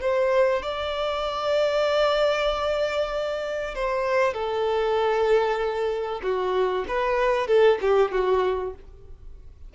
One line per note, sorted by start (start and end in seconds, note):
0.00 0.62 C5
0.62 3.74 D5
3.74 4.34 C5
4.34 6.21 A4
6.22 6.85 F#4
6.88 7.47 B4
7.47 7.78 A4
7.81 8.11 G4
8.11 8.74 F#4